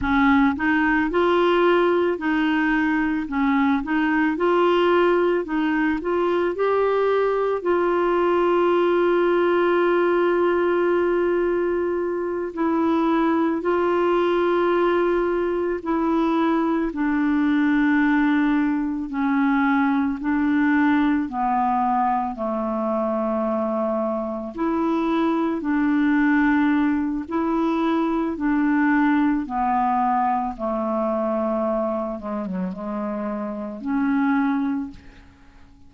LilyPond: \new Staff \with { instrumentName = "clarinet" } { \time 4/4 \tempo 4 = 55 cis'8 dis'8 f'4 dis'4 cis'8 dis'8 | f'4 dis'8 f'8 g'4 f'4~ | f'2.~ f'8 e'8~ | e'8 f'2 e'4 d'8~ |
d'4. cis'4 d'4 b8~ | b8 a2 e'4 d'8~ | d'4 e'4 d'4 b4 | a4. gis16 fis16 gis4 cis'4 | }